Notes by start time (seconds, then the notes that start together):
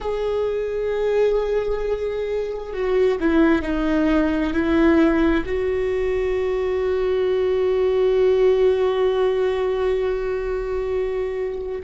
0.00 G#4
2.73 F#4
3.20 E4
3.62 D#4
4.53 E4
5.45 F#4